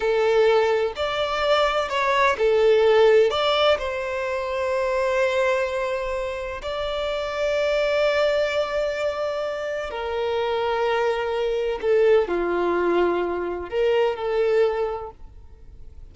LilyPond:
\new Staff \with { instrumentName = "violin" } { \time 4/4 \tempo 4 = 127 a'2 d''2 | cis''4 a'2 d''4 | c''1~ | c''2 d''2~ |
d''1~ | d''4 ais'2.~ | ais'4 a'4 f'2~ | f'4 ais'4 a'2 | }